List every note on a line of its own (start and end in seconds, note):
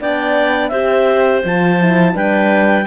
0.00 0.71 B3
0.00 0.71 D4
0.00 0.70 D5
0.00 0.68 G5
0.68 1.42 C4
0.68 1.43 G4
0.68 2.13 C5
0.68 1.39 E5
1.44 2.14 F3
1.44 1.81 F4
1.44 2.16 A5
1.81 2.13 E4
2.13 2.85 G3
2.13 2.85 D4
2.13 2.85 B4
2.13 2.86 G5